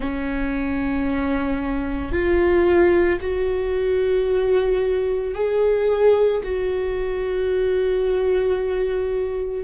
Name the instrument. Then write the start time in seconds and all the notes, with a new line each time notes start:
viola
0.00 C#4
2.12 F4
3.20 F#4
5.34 G#4
6.43 F#4